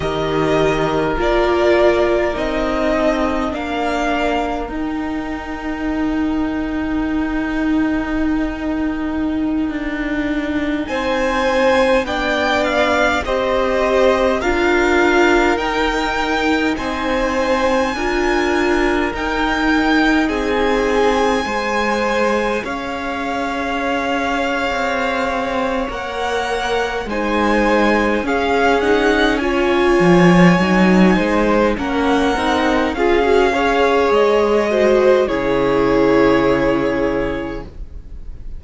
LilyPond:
<<
  \new Staff \with { instrumentName = "violin" } { \time 4/4 \tempo 4 = 51 dis''4 d''4 dis''4 f''4 | g''1~ | g''4~ g''16 gis''4 g''8 f''8 dis''8.~ | dis''16 f''4 g''4 gis''4.~ gis''16~ |
gis''16 g''4 gis''2 f''8.~ | f''2 fis''4 gis''4 | f''8 fis''8 gis''2 fis''4 | f''4 dis''4 cis''2 | }
  \new Staff \with { instrumentName = "violin" } { \time 4/4 ais'2~ ais'8 a'8 ais'4~ | ais'1~ | ais'4~ ais'16 c''4 d''4 c''8.~ | c''16 ais'2 c''4 ais'8.~ |
ais'4~ ais'16 gis'4 c''4 cis''8.~ | cis''2. c''4 | gis'4 cis''4. c''8 ais'4 | gis'8 cis''4 c''8 gis'2 | }
  \new Staff \with { instrumentName = "viola" } { \time 4/4 g'4 f'4 dis'4 d'4 | dis'1~ | dis'2~ dis'16 d'4 g'8.~ | g'16 f'4 dis'2 f'8.~ |
f'16 dis'2 gis'4.~ gis'16~ | gis'2 ais'4 dis'4 | cis'8 dis'8 f'4 dis'4 cis'8 dis'8 | f'16 fis'16 gis'4 fis'8 e'2 | }
  \new Staff \with { instrumentName = "cello" } { \time 4/4 dis4 ais4 c'4 ais4 | dis'1~ | dis'16 d'4 c'4 b4 c'8.~ | c'16 d'4 dis'4 c'4 d'8.~ |
d'16 dis'4 c'4 gis4 cis'8.~ | cis'4 c'4 ais4 gis4 | cis'4. f8 fis8 gis8 ais8 c'8 | cis'4 gis4 cis2 | }
>>